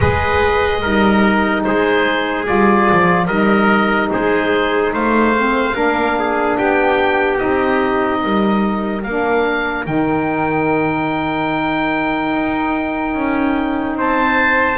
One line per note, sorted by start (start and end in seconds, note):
0.00 0.83 G#3
0.00 0.82 G#4
0.00 0.80 B4
0.00 1.62 D#5
0.82 1.65 G3
0.82 2.45 D#4
0.82 1.64 A#4
1.64 2.48 G#3
1.64 3.26 G#4
1.64 2.46 C5
2.45 2.90 G3
2.45 3.27 F4
2.45 3.27 D5
2.91 3.27 F3
3.26 4.10 G3
3.26 5.34 D#4
3.26 4.08 A#4
3.26 4.09 D#5
4.11 4.92 G#3
4.11 4.93 G#4
4.11 4.93 C5
4.92 5.74 A3
4.92 5.75 C5
4.92 6.57 F5
5.35 5.73 C4
5.73 6.57 A#3
5.73 7.37 D4
5.73 6.16 A#4
6.18 6.58 G#4
6.57 7.41 B3
6.57 8.21 G4
6.57 7.38 G5
7.37 8.23 C4
7.37 9.01 D#4
7.37 9.02 D#5
8.21 9.05 G3
8.21 13.96 A#4
9.03 9.86 A#3
9.03 9.84 D4
9.03 9.85 F5
9.84 12.33 D#3
9.84 14.78 D#4
9.84 13.96 G5
12.33 13.14 D#4
13.14 13.95 C#4
13.95 14.77 C4
13.95 14.78 C5
13.95 14.78 A5